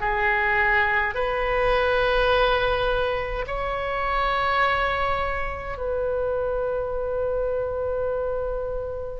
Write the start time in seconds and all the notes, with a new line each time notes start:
0.00 G#4
1.14 B4
3.47 C#5
5.77 B4